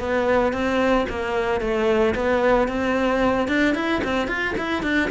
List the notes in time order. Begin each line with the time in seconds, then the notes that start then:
0.00 B3
0.53 C4
1.10 A#3
1.61 A3
2.15 B3
2.69 C4
3.49 D4
3.75 E4
4.05 C4
4.28 F4
4.58 E4
4.83 D4